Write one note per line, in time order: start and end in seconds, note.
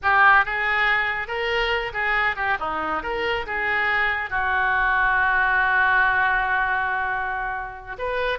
0.02 0.45 G4
0.45 1.27 G#4
1.27 1.92 A#4
1.93 2.36 G#4
2.36 2.57 G4
2.59 3.02 D#4
3.02 3.46 A#4
3.46 4.29 G#4
4.29 7.96 F#4
7.98 8.39 B4